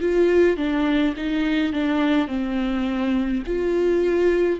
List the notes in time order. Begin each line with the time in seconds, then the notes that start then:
0.00 F4
0.57 D4
1.16 D#4
1.73 D4
2.27 C4
3.46 F4